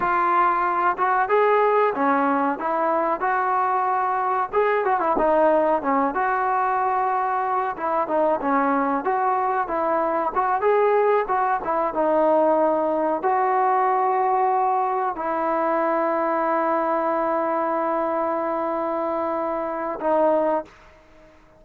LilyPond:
\new Staff \with { instrumentName = "trombone" } { \time 4/4 \tempo 4 = 93 f'4. fis'8 gis'4 cis'4 | e'4 fis'2 gis'8 fis'16 e'16 | dis'4 cis'8 fis'2~ fis'8 | e'8 dis'8 cis'4 fis'4 e'4 |
fis'8 gis'4 fis'8 e'8 dis'4.~ | dis'8 fis'2. e'8~ | e'1~ | e'2. dis'4 | }